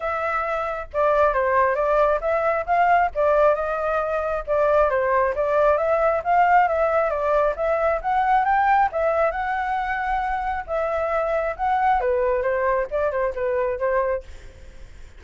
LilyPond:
\new Staff \with { instrumentName = "flute" } { \time 4/4 \tempo 4 = 135 e''2 d''4 c''4 | d''4 e''4 f''4 d''4 | dis''2 d''4 c''4 | d''4 e''4 f''4 e''4 |
d''4 e''4 fis''4 g''4 | e''4 fis''2. | e''2 fis''4 b'4 | c''4 d''8 c''8 b'4 c''4 | }